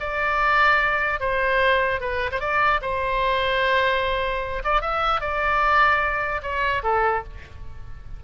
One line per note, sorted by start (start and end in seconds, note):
0.00 1.20 D5
1.20 2.00 C5
2.00 2.30 B4
2.32 2.40 C5
2.40 2.80 D5
2.81 4.63 C5
4.64 4.81 D5
4.81 5.21 E5
5.21 6.41 D5
6.42 6.82 C#5
6.83 7.24 A4